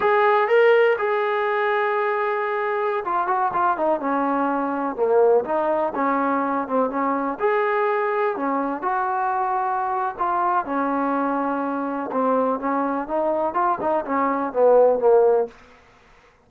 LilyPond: \new Staff \with { instrumentName = "trombone" } { \time 4/4 \tempo 4 = 124 gis'4 ais'4 gis'2~ | gis'2~ gis'16 f'8 fis'8 f'8 dis'16~ | dis'16 cis'2 ais4 dis'8.~ | dis'16 cis'4. c'8 cis'4 gis'8.~ |
gis'4~ gis'16 cis'4 fis'4.~ fis'16~ | fis'4 f'4 cis'2~ | cis'4 c'4 cis'4 dis'4 | f'8 dis'8 cis'4 b4 ais4 | }